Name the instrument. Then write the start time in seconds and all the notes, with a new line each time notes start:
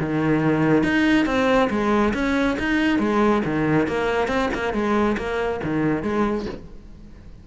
cello
0.00 D#3
0.84 D#4
1.26 C4
1.71 G#3
2.14 C#4
2.59 D#4
2.99 G#3
3.45 D#3
3.88 A#3
4.28 C4
4.54 A#3
4.74 G#3
5.18 A#3
5.64 D#3
6.03 G#3